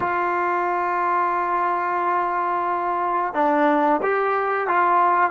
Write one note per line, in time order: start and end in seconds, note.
0.00 3.33 F4
3.34 4.00 D4
4.02 4.67 G4
4.67 5.31 F4